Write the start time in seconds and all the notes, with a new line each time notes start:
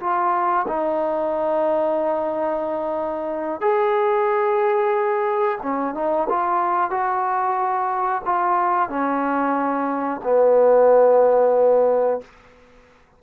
0.00 F4
0.68 D#4
3.61 G#4
5.63 C#4
5.95 D#4
6.29 F4
6.90 F#4
8.25 F4
8.89 C#4
10.23 B3